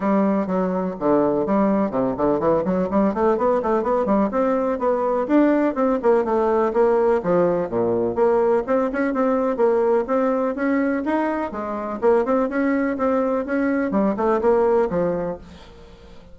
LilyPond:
\new Staff \with { instrumentName = "bassoon" } { \time 4/4 \tempo 4 = 125 g4 fis4 d4 g4 | c8 d8 e8 fis8 g8 a8 b8 a8 | b8 g8 c'4 b4 d'4 | c'8 ais8 a4 ais4 f4 |
ais,4 ais4 c'8 cis'8 c'4 | ais4 c'4 cis'4 dis'4 | gis4 ais8 c'8 cis'4 c'4 | cis'4 g8 a8 ais4 f4 | }